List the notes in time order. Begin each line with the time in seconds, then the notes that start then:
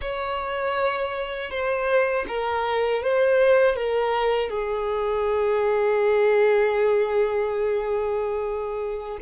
0.01 C#5
1.50 C5
2.27 A#4
3.02 C5
3.75 A#4
4.49 G#4